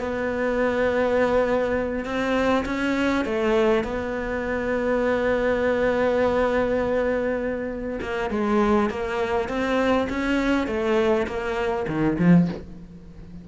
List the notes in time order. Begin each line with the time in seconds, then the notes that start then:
0.00 B3
2.05 C4
2.65 C#4
3.25 A3
3.84 B3
8.01 A#3
8.30 G#3
8.90 A#3
9.49 C4
10.09 C#4
10.67 A3
11.27 A#3
11.88 D#3
12.18 F3